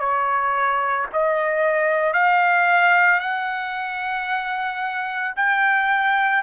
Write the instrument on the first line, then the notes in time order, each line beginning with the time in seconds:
trumpet
0.00 C#5
1.13 D#5
2.14 F5
3.20 F#5
5.37 G5